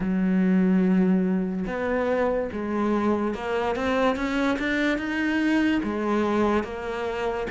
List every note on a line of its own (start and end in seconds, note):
0.00 1.65 F#3
1.66 2.50 B3
2.52 3.34 G#3
3.34 3.75 A#3
3.75 4.16 C4
4.16 4.57 C#4
4.58 4.98 D4
4.98 5.81 D#4
5.83 6.63 G#3
6.63 7.47 A#3